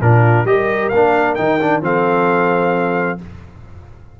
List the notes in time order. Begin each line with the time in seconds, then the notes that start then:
0.00 A#2 D4 F4 A#4
0.44 G3 G4 A#4 D#5
0.89 A#3 D4 F5
1.35 D#3 D#4 G5
1.61 D4
1.81 F3 C4 A4 F5